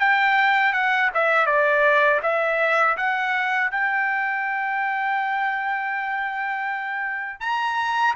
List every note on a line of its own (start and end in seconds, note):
0.00 0.73 G5
0.73 1.10 F#5
1.14 1.46 E5
1.46 2.20 D5
2.23 2.97 E5
2.97 3.71 F#5
3.71 7.40 G5
7.40 8.14 A#5